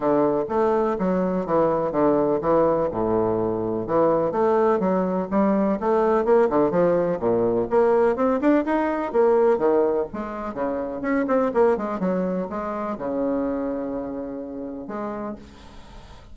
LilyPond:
\new Staff \with { instrumentName = "bassoon" } { \time 4/4 \tempo 4 = 125 d4 a4 fis4 e4 | d4 e4 a,2 | e4 a4 fis4 g4 | a4 ais8 d8 f4 ais,4 |
ais4 c'8 d'8 dis'4 ais4 | dis4 gis4 cis4 cis'8 c'8 | ais8 gis8 fis4 gis4 cis4~ | cis2. gis4 | }